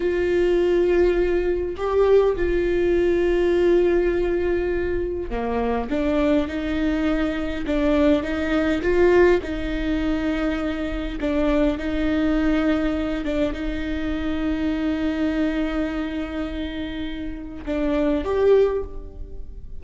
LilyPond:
\new Staff \with { instrumentName = "viola" } { \time 4/4 \tempo 4 = 102 f'2. g'4 | f'1~ | f'4 ais4 d'4 dis'4~ | dis'4 d'4 dis'4 f'4 |
dis'2. d'4 | dis'2~ dis'8 d'8 dis'4~ | dis'1~ | dis'2 d'4 g'4 | }